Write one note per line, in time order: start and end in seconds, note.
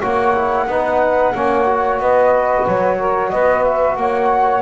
0.00 0.67 A#3
0.00 0.34 F#4
0.00 0.66 C#5
0.00 2.00 F#5
0.35 0.68 E4
0.67 1.33 B3
0.67 1.35 D#4
0.67 1.35 B4
1.35 2.00 A#3
1.35 1.66 C#4
1.35 2.01 C#5
1.66 4.62 F#4
2.00 2.66 B3
2.00 2.98 B4
2.00 2.67 D#5
2.67 3.33 F#3
2.67 3.30 C#5
2.98 3.31 A#4
3.30 3.97 B3
3.30 3.97 B4
3.30 3.63 D#5
3.64 3.97 E5
3.97 4.62 A#3
3.97 4.62 C#5
3.97 4.62 F#5